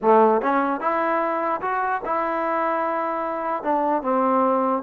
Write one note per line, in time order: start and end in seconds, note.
0.02 0.41 A3
0.41 0.80 C#4
0.80 1.61 E4
1.61 2.01 F#4
2.05 3.63 E4
3.63 4.02 D4
4.02 4.82 C4